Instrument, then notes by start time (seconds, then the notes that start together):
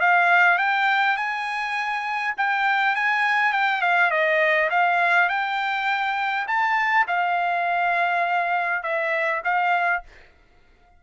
trumpet
0.00 F5
0.58 G5
1.16 G#5
2.37 G5
2.95 G#5
3.52 G5
3.81 F5
4.10 D#5
4.70 F5
5.29 G5
6.47 A5
7.07 F5
8.83 E5
9.44 F5